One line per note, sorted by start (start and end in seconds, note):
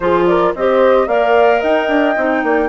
0.00 0.52 F3
0.00 0.54 F4
0.00 0.28 G#4
0.00 0.26 C5
0.26 0.56 A#4
0.26 0.53 D5
0.55 1.07 C4
0.55 1.08 G4
0.55 1.07 C5
0.55 1.08 D#5
1.07 1.61 A#3
1.07 2.16 A#4
1.07 1.60 D5
1.07 1.62 F5
1.60 1.88 D#4
1.60 2.41 D#5
1.60 2.68 G5
1.88 2.15 D4
2.16 2.43 C4
2.16 2.68 D#4
2.43 2.68 A#3
2.43 2.68 D5